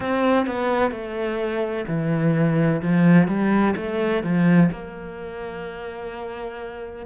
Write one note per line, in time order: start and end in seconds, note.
0.00 0.46 C4
0.46 0.91 B3
0.91 1.85 A3
1.87 2.81 E3
2.81 3.27 F3
3.27 3.74 G3
3.76 4.23 A3
4.23 4.70 F3
4.71 7.06 A#3